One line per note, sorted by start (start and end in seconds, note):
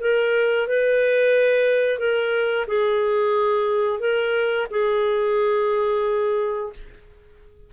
0.00 0.67 A#4
0.67 1.98 B4
1.98 2.66 A#4
2.67 3.99 G#4
3.99 4.67 A#4
4.70 6.73 G#4